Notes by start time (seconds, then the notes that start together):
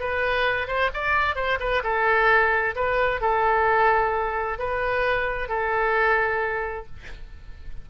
0.00 B4
0.68 C5
0.94 D5
1.36 C5
1.60 B4
1.83 A4
2.76 B4
3.21 A4
4.59 B4
5.49 A4